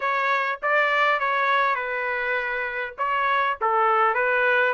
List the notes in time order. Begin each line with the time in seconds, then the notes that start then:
0.00 C#5
0.62 D5
1.19 C#5
1.75 B4
2.97 C#5
3.61 A4
4.14 B4